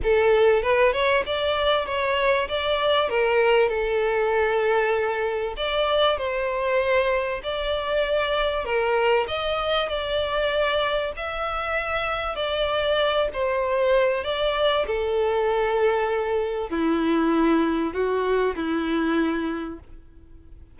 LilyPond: \new Staff \with { instrumentName = "violin" } { \time 4/4 \tempo 4 = 97 a'4 b'8 cis''8 d''4 cis''4 | d''4 ais'4 a'2~ | a'4 d''4 c''2 | d''2 ais'4 dis''4 |
d''2 e''2 | d''4. c''4. d''4 | a'2. e'4~ | e'4 fis'4 e'2 | }